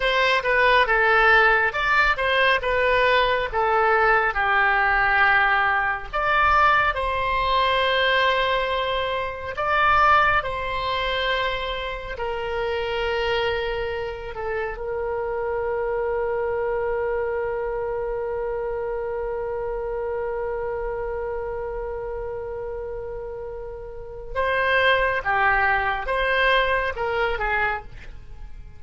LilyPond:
\new Staff \with { instrumentName = "oboe" } { \time 4/4 \tempo 4 = 69 c''8 b'8 a'4 d''8 c''8 b'4 | a'4 g'2 d''4 | c''2. d''4 | c''2 ais'2~ |
ais'8 a'8 ais'2.~ | ais'1~ | ais'1 | c''4 g'4 c''4 ais'8 gis'8 | }